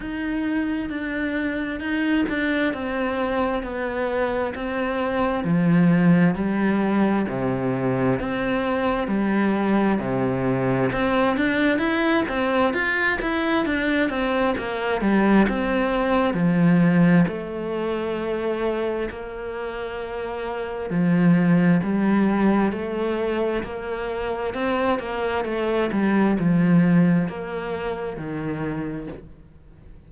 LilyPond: \new Staff \with { instrumentName = "cello" } { \time 4/4 \tempo 4 = 66 dis'4 d'4 dis'8 d'8 c'4 | b4 c'4 f4 g4 | c4 c'4 g4 c4 | c'8 d'8 e'8 c'8 f'8 e'8 d'8 c'8 |
ais8 g8 c'4 f4 a4~ | a4 ais2 f4 | g4 a4 ais4 c'8 ais8 | a8 g8 f4 ais4 dis4 | }